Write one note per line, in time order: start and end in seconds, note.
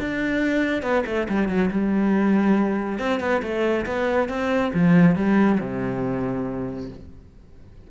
0.00 0.83 D4
0.83 1.05 B3
1.07 1.28 A3
1.29 1.49 G3
1.49 1.71 F#3
1.71 2.99 G3
2.99 3.20 C4
3.20 3.42 B3
3.43 3.86 A3
3.87 4.29 B3
4.29 4.72 C4
4.74 5.16 F3
5.16 5.59 G3
5.61 6.90 C3